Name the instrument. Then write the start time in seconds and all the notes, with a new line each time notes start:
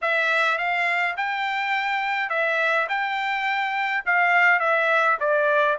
trumpet
0.01 E5
0.57 F5
1.17 G5
2.29 E5
2.88 G5
4.05 F5
4.59 E5
5.19 D5